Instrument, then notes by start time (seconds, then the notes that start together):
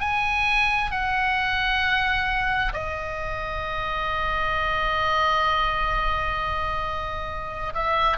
oboe
0.00 G#5
0.91 F#5
2.73 D#5
7.74 E5